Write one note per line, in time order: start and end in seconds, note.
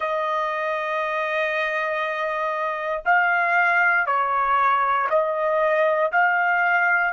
0.00 3.02 D#5
3.05 4.06 F5
4.06 5.08 C#5
5.09 6.11 D#5
6.12 7.13 F5